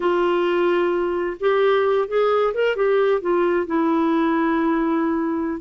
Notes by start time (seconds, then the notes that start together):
0.00 F4
1.39 G4
2.07 G#4
2.54 A#4
2.76 G4
3.21 F4
3.66 E4